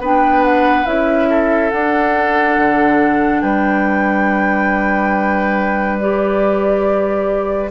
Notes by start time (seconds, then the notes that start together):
0.00 B3 D4 B4 G5
0.44 F#5
0.86 C#4 E4 E5
1.30 A4
1.71 D4 F#5
2.58 D3
3.42 G3 B4 G5
5.99 G4 D5